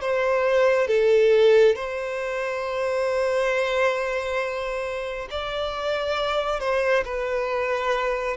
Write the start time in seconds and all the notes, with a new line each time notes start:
0.00 C5
0.87 A4
1.75 C5
5.30 D5
6.59 C5
7.04 B4